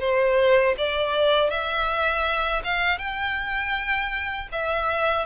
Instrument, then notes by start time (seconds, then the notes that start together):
violin
0.00 C5
0.77 D5
1.50 E5
2.64 F5
2.98 G5
4.52 E5